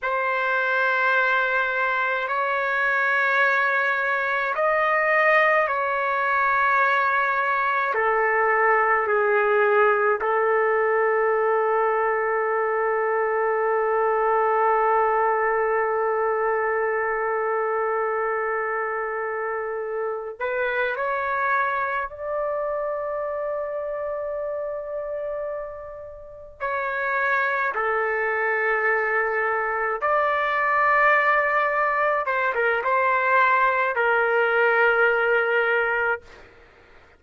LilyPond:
\new Staff \with { instrumentName = "trumpet" } { \time 4/4 \tempo 4 = 53 c''2 cis''2 | dis''4 cis''2 a'4 | gis'4 a'2.~ | a'1~ |
a'2 b'8 cis''4 d''8~ | d''2.~ d''8 cis''8~ | cis''8 a'2 d''4.~ | d''8 c''16 ais'16 c''4 ais'2 | }